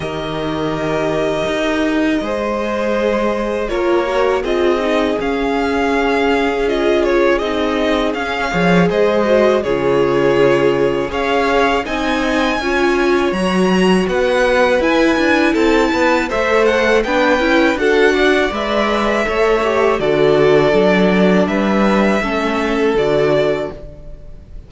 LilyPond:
<<
  \new Staff \with { instrumentName = "violin" } { \time 4/4 \tempo 4 = 81 dis''1~ | dis''4 cis''4 dis''4 f''4~ | f''4 dis''8 cis''8 dis''4 f''4 | dis''4 cis''2 f''4 |
gis''2 ais''4 fis''4 | gis''4 a''4 e''8 fis''8 g''4 | fis''4 e''2 d''4~ | d''4 e''2 d''4 | }
  \new Staff \with { instrumentName = "violin" } { \time 4/4 ais'2. c''4~ | c''4 ais'4 gis'2~ | gis'2.~ gis'8 cis''8 | c''4 gis'2 cis''4 |
dis''4 cis''2 b'4~ | b'4 a'8 b'8 c''4 b'4 | a'8 d''4. cis''4 a'4~ | a'4 b'4 a'2 | }
  \new Staff \with { instrumentName = "viola" } { \time 4/4 g'2. gis'4~ | gis'4 f'8 fis'8 f'8 dis'8 cis'4~ | cis'4 f'4 dis'4 cis'8 gis'8~ | gis'8 fis'8 f'2 gis'4 |
dis'4 f'4 fis'2 | e'2 a'4 d'8 e'8 | fis'4 b'4 a'8 g'8 fis'4 | d'2 cis'4 fis'4 | }
  \new Staff \with { instrumentName = "cello" } { \time 4/4 dis2 dis'4 gis4~ | gis4 ais4 c'4 cis'4~ | cis'2 c'4 cis'8 f8 | gis4 cis2 cis'4 |
c'4 cis'4 fis4 b4 | e'8 d'8 c'8 b8 a4 b8 cis'8 | d'4 gis4 a4 d4 | fis4 g4 a4 d4 | }
>>